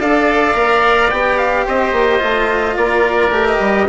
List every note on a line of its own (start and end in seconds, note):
0.00 0.55 D4
0.00 0.55 A4
0.00 1.66 D5
0.00 1.11 F5
0.55 1.11 A#3
0.55 1.10 A#4
1.11 1.67 B3
1.11 2.19 G4
1.11 1.38 G5
1.38 1.66 F5
1.66 1.92 C4
1.66 2.77 C5
1.66 2.77 D#5
1.92 2.20 A#3
2.19 2.77 A3
2.19 3.30 F4
2.77 3.30 A#3
2.77 3.89 A#4
2.77 3.47 D5
3.30 3.58 A3
3.30 3.87 G4
3.47 3.89 D#5
3.60 3.88 G3